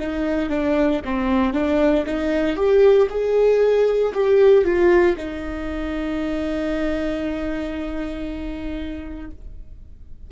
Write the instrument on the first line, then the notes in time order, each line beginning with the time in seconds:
viola
0.00 D#4
0.50 D4
1.05 C4
1.54 D4
2.06 D#4
2.56 G4
3.10 G#4
4.14 G4
4.65 F4
5.17 D#4